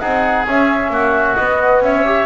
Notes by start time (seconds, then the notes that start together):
0.00 C4 D#4 G#4 F#5
0.47 C#4 E5
0.90 A#3 F#4
1.36 B3 D#5
1.81 C#4 C#5 E5
2.05 G4